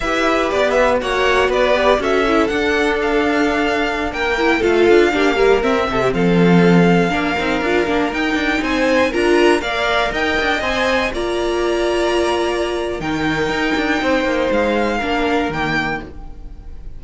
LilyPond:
<<
  \new Staff \with { instrumentName = "violin" } { \time 4/4 \tempo 4 = 120 e''4 d''8 e''8 fis''4 d''4 | e''4 fis''4 f''2~ | f''16 g''4 f''2 e''8.~ | e''16 f''2.~ f''8.~ |
f''16 g''4 gis''4 ais''4 f''8.~ | f''16 g''4 gis''4 ais''4.~ ais''16~ | ais''2 g''2~ | g''4 f''2 g''4 | }
  \new Staff \with { instrumentName = "violin" } { \time 4/4 b'2 cis''4 b'4 | a'1~ | a'16 ais'4 a'4 g'8 ais'4 a'16 | g'16 a'2 ais'4.~ ais'16~ |
ais'4~ ais'16 c''4 ais'4 d''8.~ | d''16 dis''2 d''4.~ d''16~ | d''2 ais'2 | c''2 ais'2 | }
  \new Staff \with { instrumentName = "viola" } { \time 4/4 g'2 fis'4. g'8 | fis'8 e'8 d'2.~ | d'8. e'8 f'4 d'8 g8 c'8.~ | c'2~ c'16 d'8 dis'8 f'8 d'16~ |
d'16 dis'2 f'4 ais'8.~ | ais'4~ ais'16 c''4 f'4.~ f'16~ | f'2 dis'2~ | dis'2 d'4 ais4 | }
  \new Staff \with { instrumentName = "cello" } { \time 4/4 e'4 b4 ais4 b4 | cis'4 d'2.~ | d'16 ais4 a8 d'8 ais4 c'8 c16~ | c16 f2 ais8 c'8 d'8 ais16~ |
ais16 dis'8 d'8 c'4 d'4 ais8.~ | ais16 dis'8 d'8 c'4 ais4.~ ais16~ | ais2 dis4 dis'8 d'8 | c'8 ais8 gis4 ais4 dis4 | }
>>